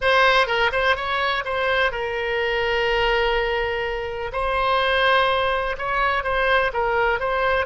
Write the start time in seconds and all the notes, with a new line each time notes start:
0.01 C5
0.47 A#4
0.72 C5
0.96 C#5
1.44 C5
1.91 A#4
4.32 C5
5.78 C#5
6.23 C5
6.73 A#4
7.19 C5